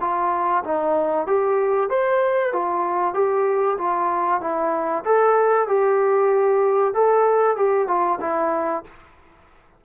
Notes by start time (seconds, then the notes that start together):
0.00 F4
0.64 D#4
1.27 G4
1.89 C5
2.52 F4
3.13 G4
3.78 F4
4.41 E4
5.04 A4
5.67 G4
6.94 A4
7.56 G4
7.87 F4
8.20 E4